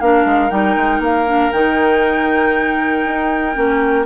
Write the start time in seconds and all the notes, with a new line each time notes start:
0.00 A#3 D4 A#4 F5
0.25 G#3
0.50 G3 D#4 G5
0.76 G#3
0.99 A#3 F5
1.26 D4
1.52 D#3 D#4 G5
3.05 D#4
3.54 A#3 C#4